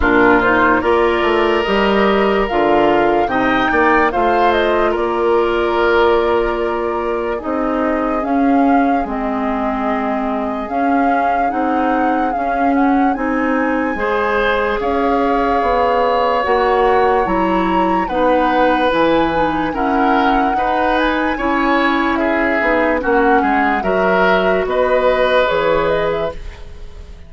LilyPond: <<
  \new Staff \with { instrumentName = "flute" } { \time 4/4 \tempo 4 = 73 ais'8 c''8 d''4 dis''4 f''4 | g''4 f''8 dis''8 d''2~ | d''4 dis''4 f''4 dis''4~ | dis''4 f''4 fis''4 f''8 fis''8 |
gis''2 f''2 | fis''4 ais''4 fis''4 gis''4 | fis''4. gis''4. e''4 | fis''4 e''4 dis''4 cis''8 dis''16 e''16 | }
  \new Staff \with { instrumentName = "oboe" } { \time 4/4 f'4 ais'2. | dis''8 d''8 c''4 ais'2~ | ais'4 gis'2.~ | gis'1~ |
gis'4 c''4 cis''2~ | cis''2 b'2 | ais'4 b'4 cis''4 gis'4 | fis'8 gis'8 ais'4 b'2 | }
  \new Staff \with { instrumentName = "clarinet" } { \time 4/4 d'8 dis'8 f'4 g'4 f'4 | dis'4 f'2.~ | f'4 dis'4 cis'4 c'4~ | c'4 cis'4 dis'4 cis'4 |
dis'4 gis'2. | fis'4 e'4 dis'4 e'8 dis'8 | cis'4 dis'4 e'4. dis'8 | cis'4 fis'2 gis'4 | }
  \new Staff \with { instrumentName = "bassoon" } { \time 4/4 ais,4 ais8 a8 g4 d4 | c8 ais8 a4 ais2~ | ais4 c'4 cis'4 gis4~ | gis4 cis'4 c'4 cis'4 |
c'4 gis4 cis'4 b4 | ais4 fis4 b4 e4 | e'4 dis'4 cis'4. b8 | ais8 gis8 fis4 b4 e4 | }
>>